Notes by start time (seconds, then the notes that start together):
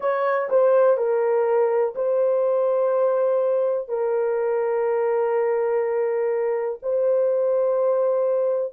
0.00 C#5
0.49 C5
0.97 A#4
1.95 C5
3.88 A#4
6.82 C5